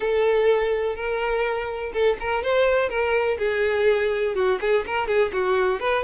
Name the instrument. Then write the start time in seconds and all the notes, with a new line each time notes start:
violin
0.00 A4
0.95 A#4
1.93 A4
2.20 A#4
2.43 C5
2.89 A#4
3.38 G#4
4.35 F#4
4.61 G#4
4.86 A#4
5.07 G#4
5.32 F#4
5.80 B4